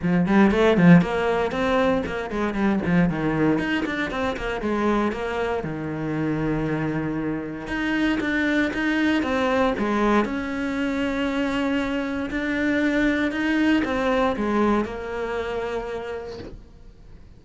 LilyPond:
\new Staff \with { instrumentName = "cello" } { \time 4/4 \tempo 4 = 117 f8 g8 a8 f8 ais4 c'4 | ais8 gis8 g8 f8 dis4 dis'8 d'8 | c'8 ais8 gis4 ais4 dis4~ | dis2. dis'4 |
d'4 dis'4 c'4 gis4 | cis'1 | d'2 dis'4 c'4 | gis4 ais2. | }